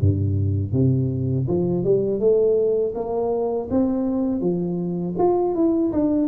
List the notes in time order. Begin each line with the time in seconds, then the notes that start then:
0.00 G2
0.72 C3
1.47 F3
1.84 G3
2.20 A3
2.95 A#3
3.70 C4
4.41 F3
5.18 F4
5.55 E4
5.92 D4